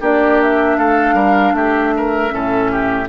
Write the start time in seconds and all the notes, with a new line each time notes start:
0.00 A#3 D4 G4 D5
0.42 E5
0.78 A3 A4 F5
1.13 G3 A#4
1.53 A3 G4 E5
1.96 A#4
2.29 A2 C#4 A4
2.71 G4